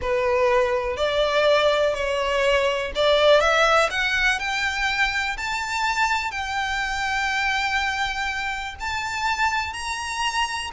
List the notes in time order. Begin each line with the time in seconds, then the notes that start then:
0.01 B4
0.96 D5
1.94 C#5
2.95 D5
3.40 E5
3.90 F#5
4.39 G5
5.37 A5
6.31 G5
8.80 A5
9.73 A#5